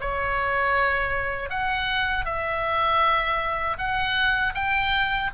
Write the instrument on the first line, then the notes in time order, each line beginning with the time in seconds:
oboe
0.00 C#5
1.49 F#5
2.25 E5
3.78 F#5
4.54 G5